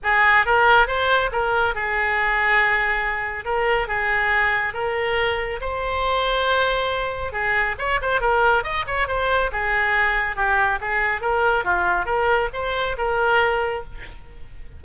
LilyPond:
\new Staff \with { instrumentName = "oboe" } { \time 4/4 \tempo 4 = 139 gis'4 ais'4 c''4 ais'4 | gis'1 | ais'4 gis'2 ais'4~ | ais'4 c''2.~ |
c''4 gis'4 cis''8 c''8 ais'4 | dis''8 cis''8 c''4 gis'2 | g'4 gis'4 ais'4 f'4 | ais'4 c''4 ais'2 | }